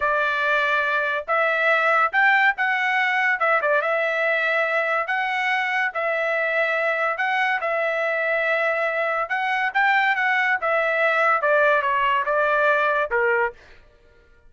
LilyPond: \new Staff \with { instrumentName = "trumpet" } { \time 4/4 \tempo 4 = 142 d''2. e''4~ | e''4 g''4 fis''2 | e''8 d''8 e''2. | fis''2 e''2~ |
e''4 fis''4 e''2~ | e''2 fis''4 g''4 | fis''4 e''2 d''4 | cis''4 d''2 ais'4 | }